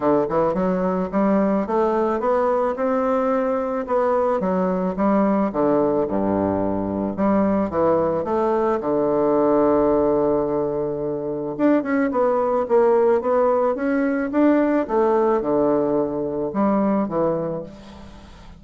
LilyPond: \new Staff \with { instrumentName = "bassoon" } { \time 4/4 \tempo 4 = 109 d8 e8 fis4 g4 a4 | b4 c'2 b4 | fis4 g4 d4 g,4~ | g,4 g4 e4 a4 |
d1~ | d4 d'8 cis'8 b4 ais4 | b4 cis'4 d'4 a4 | d2 g4 e4 | }